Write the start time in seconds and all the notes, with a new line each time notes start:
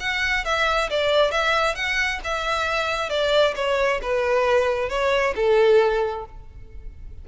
0.00 F#5
0.45 E5
0.90 D5
1.31 E5
1.75 F#5
2.24 E5
3.10 D5
3.56 C#5
4.02 B4
4.89 C#5
5.36 A4